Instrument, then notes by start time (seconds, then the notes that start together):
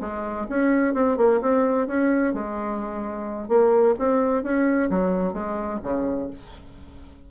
bassoon
0.00 G#3
0.49 C#4
0.94 C4
1.17 A#3
1.41 C4
1.87 C#4
2.33 G#3
3.48 A#3
3.99 C4
4.43 C#4
4.90 F#3
5.33 G#3
5.83 C#3